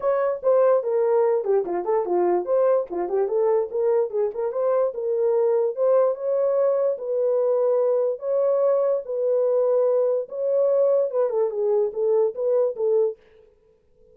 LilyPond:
\new Staff \with { instrumentName = "horn" } { \time 4/4 \tempo 4 = 146 cis''4 c''4 ais'4. g'8 | f'8 a'8 f'4 c''4 f'8 g'8 | a'4 ais'4 gis'8 ais'8 c''4 | ais'2 c''4 cis''4~ |
cis''4 b'2. | cis''2 b'2~ | b'4 cis''2 b'8 a'8 | gis'4 a'4 b'4 a'4 | }